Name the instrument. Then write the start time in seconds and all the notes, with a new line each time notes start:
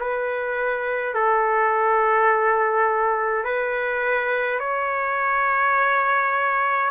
trumpet
0.00 B4
1.14 A4
3.45 B4
4.59 C#5